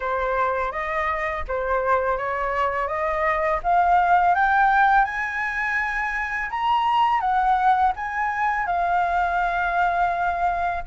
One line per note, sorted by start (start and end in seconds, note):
0.00 0.71 C5
0.71 1.44 D#5
1.48 2.17 C5
2.17 2.87 C#5
2.87 3.59 D#5
3.63 4.34 F5
4.34 5.04 G5
5.04 6.49 G#5
6.50 7.20 A#5
7.20 7.92 F#5
7.96 8.66 G#5
8.66 10.83 F5